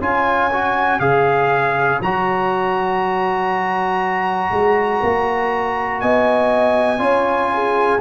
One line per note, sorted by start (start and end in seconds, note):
0.00 1.00 C#4
0.00 0.51 F4
0.00 6.00 C#5
0.00 1.00 G#5
0.53 1.00 F#4
1.00 2.00 C#3
1.00 2.00 G#4
1.00 2.00 F5
2.01 4.51 F#3
2.01 6.99 F#4
2.01 6.01 A#5
4.51 5.01 G#3
5.03 6.03 A#3
6.01 6.99 B3
6.01 7.00 D#5
6.01 8.01 G#5
6.99 7.99 C#4
6.99 7.99 F4
6.99 7.50 C#5
7.54 8.01 G#4